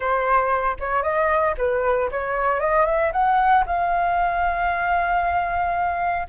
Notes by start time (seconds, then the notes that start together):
0.00 C5
0.79 C#5
1.02 D#5
1.57 B4
2.11 C#5
2.59 D#5
2.85 E5
3.12 F#5
3.66 F5